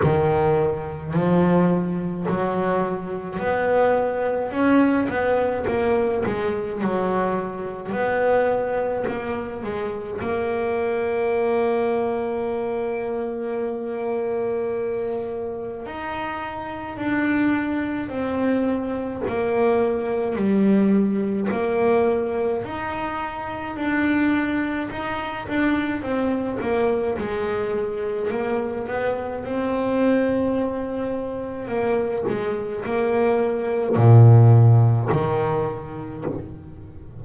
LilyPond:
\new Staff \with { instrumentName = "double bass" } { \time 4/4 \tempo 4 = 53 dis4 f4 fis4 b4 | cis'8 b8 ais8 gis8 fis4 b4 | ais8 gis8 ais2.~ | ais2 dis'4 d'4 |
c'4 ais4 g4 ais4 | dis'4 d'4 dis'8 d'8 c'8 ais8 | gis4 ais8 b8 c'2 | ais8 gis8 ais4 ais,4 dis4 | }